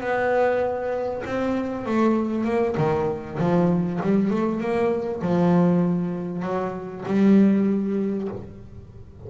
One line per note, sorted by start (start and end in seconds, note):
0.00 1.22 B3
1.25 1.86 C4
1.86 2.44 A3
2.44 2.75 A#3
2.77 3.38 D#3
3.39 4.00 F3
4.02 4.30 G3
4.30 4.60 A3
4.60 5.21 A#3
5.22 6.42 F3
6.42 7.04 F#3
7.05 8.28 G3